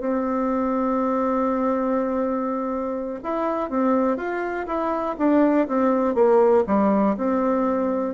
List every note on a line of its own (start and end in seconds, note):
0.00 3.20 C4
3.24 3.70 E4
3.70 4.17 C4
4.17 4.66 F4
4.67 5.16 E4
5.18 5.67 D4
5.68 6.15 C4
6.15 6.64 A#3
6.67 7.16 G3
7.17 8.14 C4